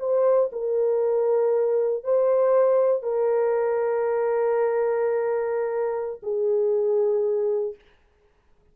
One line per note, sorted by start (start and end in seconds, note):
0.00 0.51 C5
0.52 2.04 A#4
2.04 3.03 C5
3.03 6.21 A#4
6.23 7.76 G#4